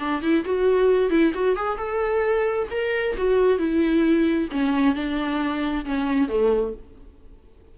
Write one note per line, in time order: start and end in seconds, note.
0.00 0.22 D4
0.22 0.45 E4
0.46 1.11 F#4
1.11 1.33 E4
1.35 1.56 F#4
1.56 1.78 G#4
1.78 2.68 A4
2.71 3.17 A#4
3.18 3.59 F#4
3.59 4.49 E4
4.52 4.95 C#4
4.95 5.85 D4
5.86 6.29 C#4
6.29 6.74 A3